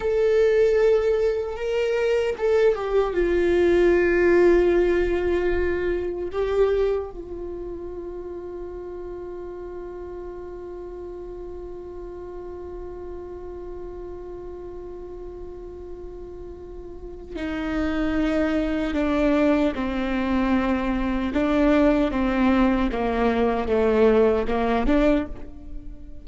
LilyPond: \new Staff \with { instrumentName = "viola" } { \time 4/4 \tempo 4 = 76 a'2 ais'4 a'8 g'8 | f'1 | g'4 f'2.~ | f'1~ |
f'1~ | f'2 dis'2 | d'4 c'2 d'4 | c'4 ais4 a4 ais8 d'8 | }